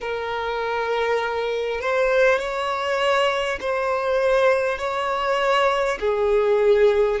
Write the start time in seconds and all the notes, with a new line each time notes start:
0.01 A#4
1.80 C5
2.38 C#5
3.60 C5
4.78 C#5
6.00 G#4